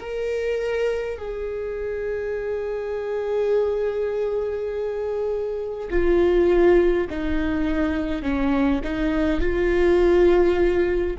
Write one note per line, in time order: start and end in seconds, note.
0.00 1.18 A#4
1.18 5.88 G#4
5.90 7.07 F4
7.09 8.22 D#4
8.22 8.81 C#4
8.83 9.40 D#4
9.40 11.17 F4